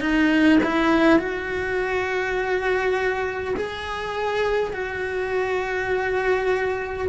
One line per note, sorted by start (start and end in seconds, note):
0.00 0.59 D#4
0.63 1.19 E4
1.19 3.54 F#4
3.56 4.72 G#4
4.72 7.07 F#4